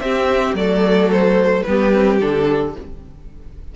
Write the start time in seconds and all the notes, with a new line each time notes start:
0.00 C4 G4 E5
0.54 F#3 A3 A4 D5
1.12 C5
1.63 G3 B3 G4 B4
1.92 C4
2.20 D3 D4 A4